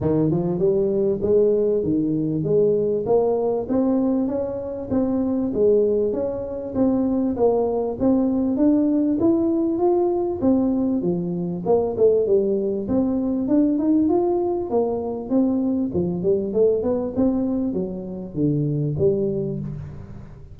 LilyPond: \new Staff \with { instrumentName = "tuba" } { \time 4/4 \tempo 4 = 98 dis8 f8 g4 gis4 dis4 | gis4 ais4 c'4 cis'4 | c'4 gis4 cis'4 c'4 | ais4 c'4 d'4 e'4 |
f'4 c'4 f4 ais8 a8 | g4 c'4 d'8 dis'8 f'4 | ais4 c'4 f8 g8 a8 b8 | c'4 fis4 d4 g4 | }